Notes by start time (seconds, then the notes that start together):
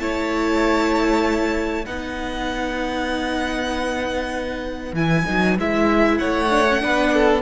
0.00 A3 E4 C#5 A5
1.86 B3 D#4 B4 F#5
4.94 E3 E4 G#5
5.27 F#3 D#4
5.58 G#3 E4 E5
6.18 A3 C#5 F#5
6.51 D4
6.70 C#4
6.81 B3 D4 B4
7.15 A4